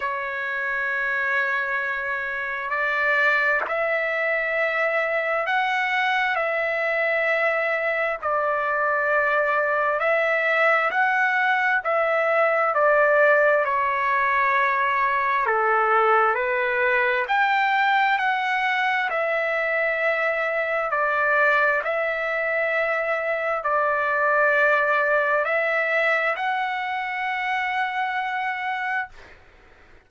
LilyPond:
\new Staff \with { instrumentName = "trumpet" } { \time 4/4 \tempo 4 = 66 cis''2. d''4 | e''2 fis''4 e''4~ | e''4 d''2 e''4 | fis''4 e''4 d''4 cis''4~ |
cis''4 a'4 b'4 g''4 | fis''4 e''2 d''4 | e''2 d''2 | e''4 fis''2. | }